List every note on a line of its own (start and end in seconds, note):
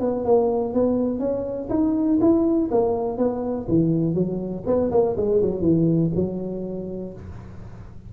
0.00 0.25 B3
0.25 0.73 A#3
0.73 1.19 B3
1.19 1.68 C#4
1.70 2.19 D#4
2.21 2.70 E4
2.71 3.17 A#3
3.17 3.67 B3
3.68 4.14 E3
4.14 4.63 F#3
4.66 4.91 B3
4.91 5.16 A#3
5.17 5.41 G#3
5.41 5.61 F#3
5.61 6.10 E3
6.15 7.13 F#3